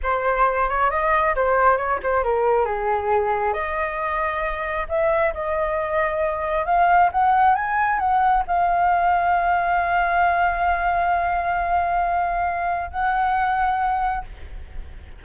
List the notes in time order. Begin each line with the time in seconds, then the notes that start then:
0.02 C5
0.69 C#5
0.90 D#5
1.35 C5
1.77 C#5
2.03 C5
2.23 A#4
2.65 G#4
3.53 D#5
4.88 E5
5.33 D#5
6.65 F5
7.12 F#5
7.55 G#5
7.99 F#5
8.47 F5
12.91 F#5